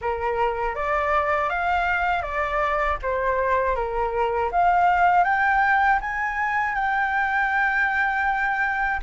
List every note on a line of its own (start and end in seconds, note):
0.01 0.75 A#4
0.75 1.49 D5
1.49 2.22 F5
2.22 2.97 D5
3.02 3.75 C5
3.75 4.50 A#4
4.51 5.24 F5
5.24 5.99 G5
6.00 6.75 G#5
6.75 9.00 G5